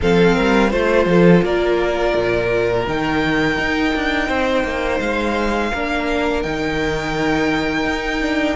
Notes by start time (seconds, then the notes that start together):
0.01 F3 C4 A4 F5
0.35 G3 A#4
0.70 A3 F4 C5
1.06 F3 A4
1.42 A#3 A#4 D5
2.15 A#2
2.87 D#3 D#4 G5
3.58 D#4
3.95 D4
4.27 C4 C5
4.64 A#3
5.00 G#3 F5
5.73 A#3 D4 A#4
6.42 D#3 D#4 G5
7.84 D#4
8.21 D4